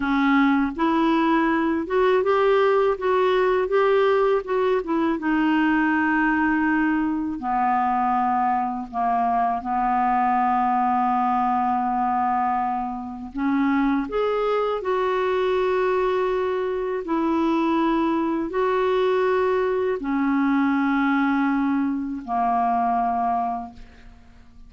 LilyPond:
\new Staff \with { instrumentName = "clarinet" } { \time 4/4 \tempo 4 = 81 cis'4 e'4. fis'8 g'4 | fis'4 g'4 fis'8 e'8 dis'4~ | dis'2 b2 | ais4 b2.~ |
b2 cis'4 gis'4 | fis'2. e'4~ | e'4 fis'2 cis'4~ | cis'2 ais2 | }